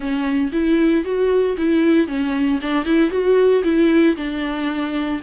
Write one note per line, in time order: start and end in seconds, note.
0.00 0.51 C#4
0.52 1.04 E4
1.04 1.56 F#4
1.57 2.07 E4
2.07 2.59 C#4
2.61 2.85 D4
2.85 3.10 E4
3.10 3.62 F#4
3.63 4.15 E4
4.16 5.21 D4